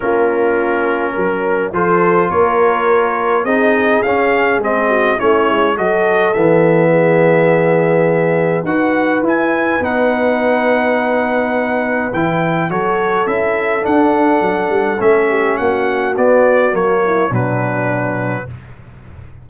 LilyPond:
<<
  \new Staff \with { instrumentName = "trumpet" } { \time 4/4 \tempo 4 = 104 ais'2. c''4 | cis''2 dis''4 f''4 | dis''4 cis''4 dis''4 e''4~ | e''2. fis''4 |
gis''4 fis''2.~ | fis''4 g''4 cis''4 e''4 | fis''2 e''4 fis''4 | d''4 cis''4 b'2 | }
  \new Staff \with { instrumentName = "horn" } { \time 4/4 f'2 ais'4 a'4 | ais'2 gis'2~ | gis'8 fis'8 e'4 a'2 | gis'2. b'4~ |
b'1~ | b'2 a'2~ | a'2~ a'8 g'8 fis'4~ | fis'4. e'8 d'2 | }
  \new Staff \with { instrumentName = "trombone" } { \time 4/4 cis'2. f'4~ | f'2 dis'4 cis'4 | c'4 cis'4 fis'4 b4~ | b2. fis'4 |
e'4 dis'2.~ | dis'4 e'4 fis'4 e'4 | d'2 cis'2 | b4 ais4 fis2 | }
  \new Staff \with { instrumentName = "tuba" } { \time 4/4 ais2 fis4 f4 | ais2 c'4 cis'4 | gis4 a8 gis8 fis4 e4~ | e2. dis'4 |
e'4 b2.~ | b4 e4 fis4 cis'4 | d'4 fis8 g8 a4 ais4 | b4 fis4 b,2 | }
>>